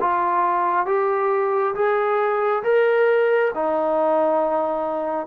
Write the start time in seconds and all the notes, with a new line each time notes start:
0.00 F4
0.86 G4
1.74 G#4
2.63 A#4
3.54 D#4